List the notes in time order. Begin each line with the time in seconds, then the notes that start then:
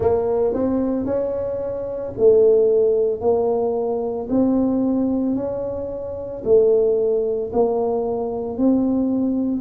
0.00 A#3
0.54 C4
1.05 C#4
2.17 A3
3.20 A#3
4.29 C4
5.35 C#4
6.44 A3
7.52 A#3
8.57 C4